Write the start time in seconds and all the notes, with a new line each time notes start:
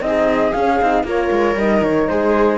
0.00 C4 D#4 D#5
0.07 G#4
0.52 C#4 F5
0.81 C4 D#4
1.03 A#3 F4 A#4 C#5
1.30 G#3
1.55 G3 D#4 D#5
1.82 D#3 C#5
2.07 G#3 G#4 C5